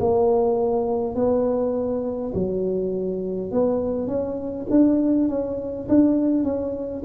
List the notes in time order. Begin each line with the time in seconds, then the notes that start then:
0.00 A#3
1.15 B3
2.34 F#3
3.51 B3
4.07 C#4
4.71 D4
5.29 C#4
5.89 D4
6.44 C#4